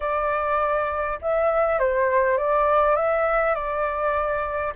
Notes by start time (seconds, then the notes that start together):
0.00 D5
1.21 E5
1.79 C5
2.37 D5
2.96 E5
3.55 D5